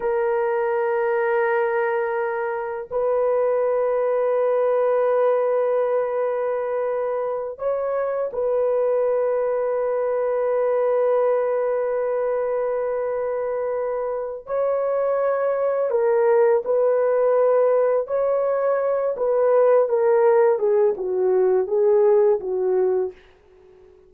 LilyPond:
\new Staff \with { instrumentName = "horn" } { \time 4/4 \tempo 4 = 83 ais'1 | b'1~ | b'2~ b'8 cis''4 b'8~ | b'1~ |
b'1 | cis''2 ais'4 b'4~ | b'4 cis''4. b'4 ais'8~ | ais'8 gis'8 fis'4 gis'4 fis'4 | }